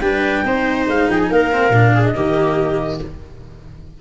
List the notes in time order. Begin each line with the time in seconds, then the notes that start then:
0.00 G3 D4 B4 G5
0.44 C4 D#4 C5
0.87 G#3 F5
1.09 F3 G#4 G5
1.21 G#5
1.29 A#3 A#4 F5
1.52 C4
1.69 A#2 D4
1.94 G#4
2.03 D#5
2.14 D#3 A#3 G4